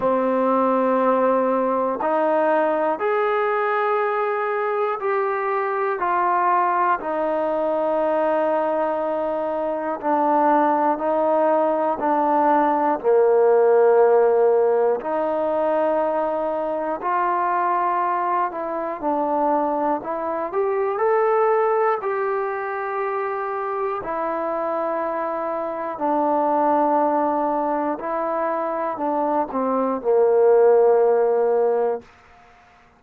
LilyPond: \new Staff \with { instrumentName = "trombone" } { \time 4/4 \tempo 4 = 60 c'2 dis'4 gis'4~ | gis'4 g'4 f'4 dis'4~ | dis'2 d'4 dis'4 | d'4 ais2 dis'4~ |
dis'4 f'4. e'8 d'4 | e'8 g'8 a'4 g'2 | e'2 d'2 | e'4 d'8 c'8 ais2 | }